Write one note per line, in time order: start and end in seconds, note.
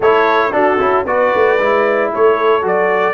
0.00 0.52 A3
0.00 0.52 E4
0.00 0.50 A4
0.00 0.52 C#5
0.52 0.78 D4
0.52 0.79 D4
0.52 1.06 F#4
0.52 1.05 A4
0.79 1.05 C#4
0.79 1.05 E4
1.05 1.31 B3
1.05 1.59 F#4
1.05 2.11 B4
1.05 2.12 D5
1.34 1.59 A3
1.59 2.12 G#3
1.59 2.62 E4
2.12 2.63 A3
2.12 3.13 A4
2.12 2.66 C#5
2.62 3.13 F#3
2.62 3.13 F#4
2.62 3.13 D5